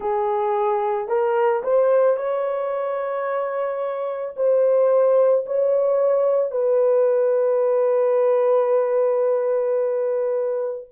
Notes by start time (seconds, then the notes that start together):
0.00 G#4
1.08 A#4
1.63 C5
2.16 C#5
4.36 C5
5.45 C#5
6.51 B4